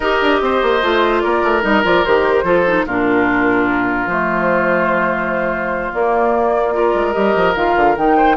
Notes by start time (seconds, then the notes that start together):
0.00 D#4 G4 A#4 D#5
0.21 D4
0.40 C4 C5
0.62 A#3
0.82 A3 F4
1.20 A#3 A#4 D5
1.43 A3
1.62 G3 D#4 D#5
1.83 F3 F4 D5
2.04 D#3 G4 C5
2.43 F3 F4 A4
2.66 D#4
2.86 A#2 D4 F4 A#4
4.06 F3 A3 C5
5.92 A#3 D5
6.72 F4 A#4
6.94 G#3
7.12 G3 G4 D#5
7.35 F3
7.54 D#3 F4 F5
7.76 D3
7.96 D#3 D#4 G5
8.17 C5